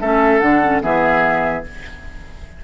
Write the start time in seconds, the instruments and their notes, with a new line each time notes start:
0.00 bassoon A3, clarinet C#4, oboe A4, flute E5
0.40 bassoon D3, clarinet D4, flute F#5
0.62 clarinet C#4
0.81 bassoon E3, clarinet B3, oboe G#4, flute E5